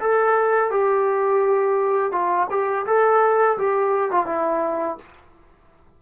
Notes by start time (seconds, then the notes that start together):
0.00 A4
0.71 G4
2.12 F4
2.50 G4
2.86 A4
3.58 G4
4.11 F4
4.26 E4